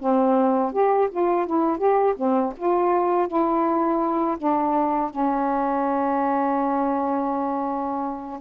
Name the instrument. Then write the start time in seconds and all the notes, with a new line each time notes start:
saxophone
0.00 C4
0.73 G4
1.11 F4
1.47 E4
1.78 G4
2.17 C4
2.57 F4
3.28 E4
4.38 D4
5.11 C#4